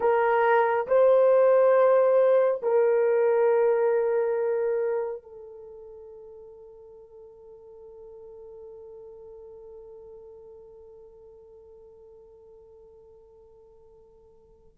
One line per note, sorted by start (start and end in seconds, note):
0.00 0.87 A#4
0.87 2.61 C5
2.62 5.22 A#4
5.22 14.77 A4